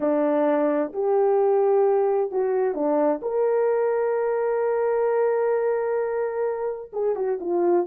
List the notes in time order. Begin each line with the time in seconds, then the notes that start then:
0.00 D4
0.92 G4
2.31 F#4
2.74 D4
3.22 A#4
6.93 G#4
7.15 F#4
7.40 F4